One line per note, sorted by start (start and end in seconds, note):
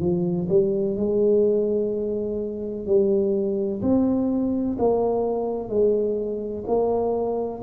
0.00 0.48 F3
0.49 0.97 G3
0.97 2.86 G#3
2.86 3.81 G3
3.82 4.77 C4
4.79 5.69 A#3
5.69 6.64 G#3
6.67 7.62 A#3